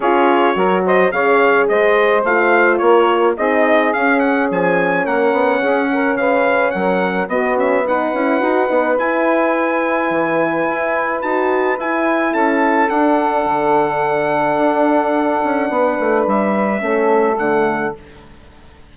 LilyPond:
<<
  \new Staff \with { instrumentName = "trumpet" } { \time 4/4 \tempo 4 = 107 cis''4. dis''8 f''4 dis''4 | f''4 cis''4 dis''4 f''8 fis''8 | gis''4 fis''2 f''4 | fis''4 dis''8 e''8 fis''2 |
gis''1 | a''4 gis''4 a''4 fis''4~ | fis''1~ | fis''4 e''2 fis''4 | }
  \new Staff \with { instrumentName = "saxophone" } { \time 4/4 gis'4 ais'8 c''8 cis''4 c''4~ | c''4 ais'4 gis'2~ | gis'4 ais'4 gis'8 ais'8 b'4 | ais'4 fis'4 b'2~ |
b'1~ | b'2 a'2~ | a'1 | b'2 a'2 | }
  \new Staff \with { instrumentName = "horn" } { \time 4/4 f'4 fis'4 gis'2 | f'2 dis'4 cis'4~ | cis'1~ | cis'4 b8 cis'8 dis'8 e'8 fis'8 dis'8 |
e'1 | fis'4 e'2 d'4~ | d'1~ | d'2 cis'4 a4 | }
  \new Staff \with { instrumentName = "bassoon" } { \time 4/4 cis'4 fis4 cis4 gis4 | a4 ais4 c'4 cis'4 | f4 ais8 b8 cis'4 cis4 | fis4 b4. cis'8 dis'8 b8 |
e'2 e4 e'4 | dis'4 e'4 cis'4 d'4 | d2 d'4. cis'8 | b8 a8 g4 a4 d4 | }
>>